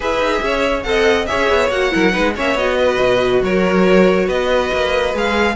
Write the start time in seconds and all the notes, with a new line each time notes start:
0.00 E4 G#4 B4 E5
0.19 D#4
0.41 C#4 C#5
0.82 C4 A4 D#5 F#5
1.26 G#4 C#5 E5
1.32 C#4
1.49 B3
1.70 A#3 F#4 F#5
1.91 F#3 E4 A#4
2.11 G#3 D#4 B4
2.35 A#3 C#4 C#5 E5
2.54 B3 F#4 D#5
2.77 B4
3.00 B2
3.42 F#3 A#4 C#5
4.26 B3 B4 D#5
4.72 A#3
5.14 G#3 G#4 F5